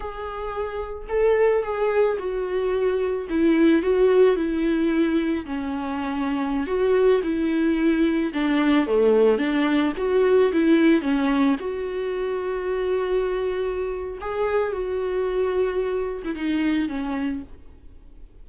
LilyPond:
\new Staff \with { instrumentName = "viola" } { \time 4/4 \tempo 4 = 110 gis'2 a'4 gis'4 | fis'2 e'4 fis'4 | e'2 cis'2~ | cis'16 fis'4 e'2 d'8.~ |
d'16 a4 d'4 fis'4 e'8.~ | e'16 cis'4 fis'2~ fis'8.~ | fis'2 gis'4 fis'4~ | fis'4.~ fis'16 e'16 dis'4 cis'4 | }